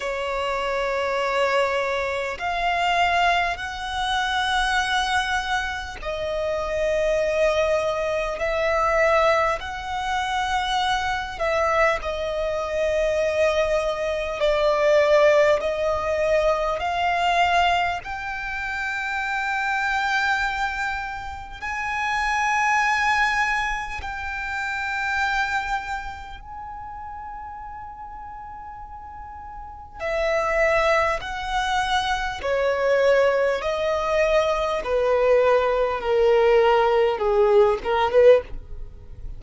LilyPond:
\new Staff \with { instrumentName = "violin" } { \time 4/4 \tempo 4 = 50 cis''2 f''4 fis''4~ | fis''4 dis''2 e''4 | fis''4. e''8 dis''2 | d''4 dis''4 f''4 g''4~ |
g''2 gis''2 | g''2 gis''2~ | gis''4 e''4 fis''4 cis''4 | dis''4 b'4 ais'4 gis'8 ais'16 b'16 | }